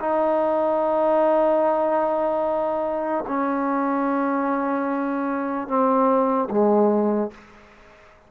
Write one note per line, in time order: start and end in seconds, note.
0.00 3.24 D#4
3.27 5.68 C#4
5.68 6.49 C4
6.50 7.31 G#3